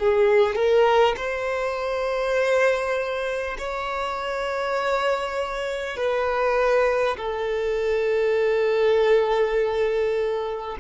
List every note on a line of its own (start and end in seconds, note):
0.00 0.56 G#4
0.56 1.16 A#4
1.17 3.57 C5
3.58 5.97 C#5
5.97 7.17 B4
7.17 10.77 A4